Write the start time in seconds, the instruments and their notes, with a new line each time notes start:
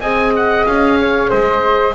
0.00 double bass C4, horn G#4, flute D#5, oboe G#5
0.36 oboe F#5
0.66 double bass C#4, oboe F5
1.00 flute C#5
1.29 double bass G#3, flute C5, oboe D#5